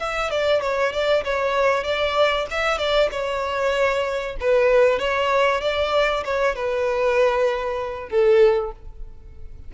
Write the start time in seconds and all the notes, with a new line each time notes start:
0.00 E5
0.31 D5
0.62 C#5
0.93 D5
1.25 C#5
1.84 D5
2.51 E5
2.78 D5
3.12 C#5
4.41 B4
5.00 C#5
5.62 D5
6.25 C#5
6.56 B4
8.10 A4